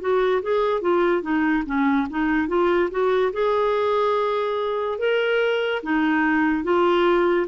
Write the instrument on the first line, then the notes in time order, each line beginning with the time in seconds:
clarinet
0.00 F#4
0.42 G#4
0.81 F4
1.22 D#4
1.66 C#4
2.10 D#4
2.48 F4
2.91 F#4
3.33 G#4
4.98 A#4
5.83 D#4
6.63 F4